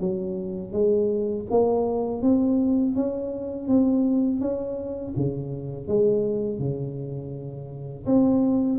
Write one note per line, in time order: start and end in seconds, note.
0.00 0.73 F#3
0.73 1.46 G#3
1.50 2.22 A#3
2.22 2.95 C4
2.95 3.68 C#4
3.68 4.41 C4
4.41 5.14 C#4
5.16 5.87 C#3
5.87 6.59 G#3
6.59 8.06 C#3
8.06 8.79 C4